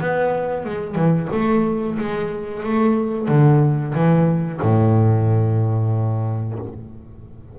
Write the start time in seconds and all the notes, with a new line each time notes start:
0.00 B3
0.65 G#3
0.95 E3
1.32 A3
1.98 G#3
2.63 A3
3.28 D3
3.94 E3
4.61 A2